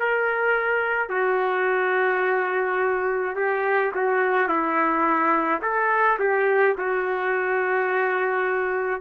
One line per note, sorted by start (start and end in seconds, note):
0.00 1.09 A#4
1.09 3.36 F#4
3.36 3.92 G4
3.95 4.48 F#4
4.48 5.61 E4
5.62 6.19 A4
6.20 6.76 G4
6.78 9.01 F#4